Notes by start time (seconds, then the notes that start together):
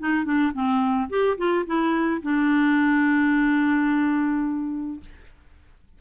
0.00 D#4
0.25 D4
0.54 C4
1.10 G4
1.38 F4
1.66 E4
2.22 D4